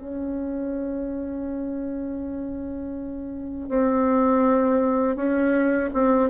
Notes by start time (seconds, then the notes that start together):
0.00 C#4
3.69 C4
5.16 C#4
5.94 C4